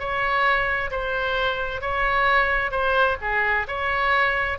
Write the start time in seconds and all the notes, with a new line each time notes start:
0.00 C#5
0.91 C5
1.82 C#5
2.72 C5
3.22 G#4
3.68 C#5